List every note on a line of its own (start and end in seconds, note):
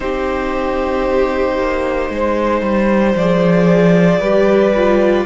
0.00 1.57 C4
0.00 3.15 D#4
0.00 2.12 G4
0.00 3.15 C5
1.57 2.09 A#3
2.09 2.61 G#3
2.09 4.20 C5
2.61 3.14 G3
3.15 4.20 F3
3.15 4.21 G#4
3.15 5.25 D5
4.20 5.25 G3
4.20 4.73 G4
4.20 5.25 B4
4.74 5.25 F4